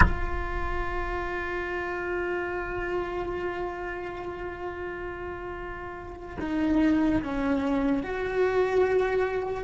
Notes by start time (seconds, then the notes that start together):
0.00 F4
6.40 D#4
7.22 C#4
8.02 F#4